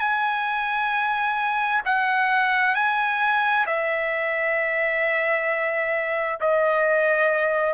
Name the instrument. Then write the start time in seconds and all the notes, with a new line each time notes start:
trumpet
0.00 G#5
1.86 F#5
2.75 G#5
3.67 E5
6.41 D#5